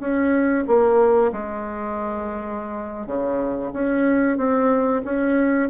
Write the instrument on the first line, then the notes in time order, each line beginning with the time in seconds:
bassoon
0.00 C#4
0.67 A#3
1.32 G#3
3.07 C#3
3.73 C#4
4.38 C4
5.05 C#4